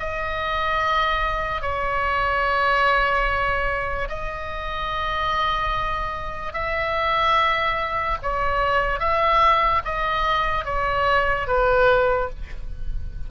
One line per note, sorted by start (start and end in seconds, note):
0.00 1.62 D#5
1.62 4.09 C#5
4.09 6.53 D#5
6.53 8.18 E5
8.23 9.00 C#5
9.00 9.82 E5
9.85 10.66 D#5
10.66 11.48 C#5
11.48 12.30 B4